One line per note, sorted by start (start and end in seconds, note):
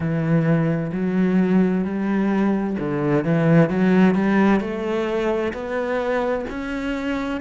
0.00 0.91 E3
0.92 1.84 F#3
1.84 2.77 G3
2.79 3.24 D3
3.24 3.69 E3
3.69 4.14 F#3
4.14 4.60 G3
4.60 5.53 A3
5.53 6.45 B3
6.49 7.41 C#4